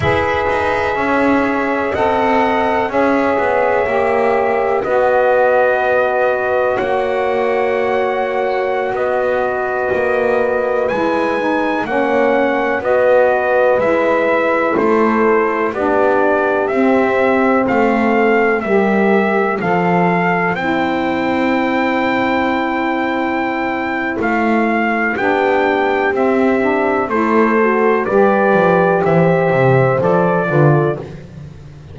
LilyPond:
<<
  \new Staff \with { instrumentName = "trumpet" } { \time 4/4 \tempo 4 = 62 e''2 fis''4 e''4~ | e''4 dis''2 fis''4~ | fis''4~ fis''16 dis''2 gis''8.~ | gis''16 fis''4 dis''4 e''4 c''8.~ |
c''16 d''4 e''4 f''4 e''8.~ | e''16 f''4 g''2~ g''8.~ | g''4 f''4 g''4 e''4 | c''4 d''4 e''4 d''4 | }
  \new Staff \with { instrumentName = "horn" } { \time 4/4 b'4 cis''4 dis''4 cis''4~ | cis''4 b'2 cis''4~ | cis''4~ cis''16 b'2~ b'8.~ | b'16 cis''4 b'2 a'8.~ |
a'16 g'2 a'4 ais'8.~ | ais'16 c''2.~ c''8.~ | c''2 g'2 | a'4 b'4 c''4. b'16 a'16 | }
  \new Staff \with { instrumentName = "saxophone" } { \time 4/4 gis'2 a'4 gis'4 | g'4 fis'2.~ | fis'2.~ fis'16 e'8 dis'16~ | dis'16 cis'4 fis'4 e'4.~ e'16~ |
e'16 d'4 c'2 g'8.~ | g'16 a'4 e'2~ e'8.~ | e'2 d'4 c'8 d'8 | e'8 fis'8 g'2 a'8 f'8 | }
  \new Staff \with { instrumentName = "double bass" } { \time 4/4 e'8 dis'8 cis'4 c'4 cis'8 b8 | ais4 b2 ais4~ | ais4~ ais16 b4 ais4 gis8.~ | gis16 ais4 b4 gis4 a8.~ |
a16 b4 c'4 a4 g8.~ | g16 f4 c'2~ c'8.~ | c'4 a4 b4 c'4 | a4 g8 f8 e8 c8 f8 d8 | }
>>